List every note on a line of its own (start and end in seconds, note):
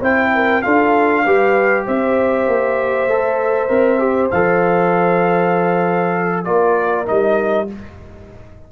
0.00 0.62 C4
0.00 0.62 E4
0.00 0.31 C5
0.00 0.62 G5
0.34 0.62 A#4
0.62 1.25 D4
0.62 1.24 F4
0.62 1.23 A4
0.62 1.84 F5
1.24 1.86 G3
1.24 3.09 G4
1.24 1.85 B4
1.85 2.47 C4
1.85 6.45 C5
1.85 4.30 E5
2.47 3.07 A#3
3.07 3.68 A3
3.07 3.68 A4
3.68 4.30 C4
3.68 3.99 A#4
3.99 4.29 G4
4.30 6.46 F3
4.30 6.45 A4
4.30 6.44 F5
6.44 7.08 A#3
6.44 7.05 F4
6.44 7.67 A#4
6.44 7.05 D5
7.05 7.71 G3
7.05 7.67 D#4
7.05 7.68 D#5